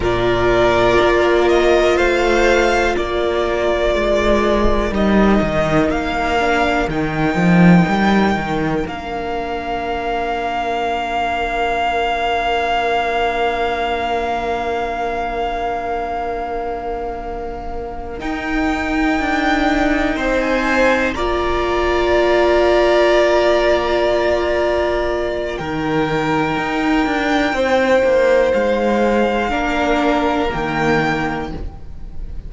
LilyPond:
<<
  \new Staff \with { instrumentName = "violin" } { \time 4/4 \tempo 4 = 61 d''4. dis''8 f''4 d''4~ | d''4 dis''4 f''4 g''4~ | g''4 f''2.~ | f''1~ |
f''2~ f''8 g''4.~ | g''8. gis''8. ais''2~ ais''8~ | ais''2 g''2~ | g''4 f''2 g''4 | }
  \new Staff \with { instrumentName = "violin" } { \time 4/4 ais'2 c''4 ais'4~ | ais'1~ | ais'1~ | ais'1~ |
ais'1~ | ais'8 c''4 d''2~ d''8~ | d''2 ais'2 | c''2 ais'2 | }
  \new Staff \with { instrumentName = "viola" } { \time 4/4 f'1~ | f'4 dis'4. d'8 dis'4~ | dis'4 d'2.~ | d'1~ |
d'2~ d'8 dis'4.~ | dis'4. f'2~ f'8~ | f'2 dis'2~ | dis'2 d'4 ais4 | }
  \new Staff \with { instrumentName = "cello" } { \time 4/4 ais,4 ais4 a4 ais4 | gis4 g8 dis8 ais4 dis8 f8 | g8 dis8 ais2.~ | ais1~ |
ais2~ ais8 dis'4 d'8~ | d'8 c'4 ais2~ ais8~ | ais2 dis4 dis'8 d'8 | c'8 ais8 gis4 ais4 dis4 | }
>>